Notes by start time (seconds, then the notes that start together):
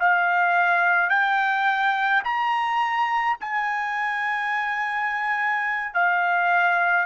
0.00 F5
1.10 G5
2.24 A#5
3.41 G#5
5.94 F5